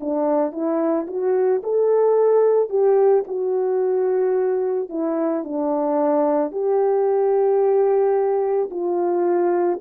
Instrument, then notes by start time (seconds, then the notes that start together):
horn
0.00 D4
0.52 E4
1.07 F#4
1.63 A4
2.69 G4
3.27 F#4
4.89 E4
5.43 D4
6.51 G4
8.70 F4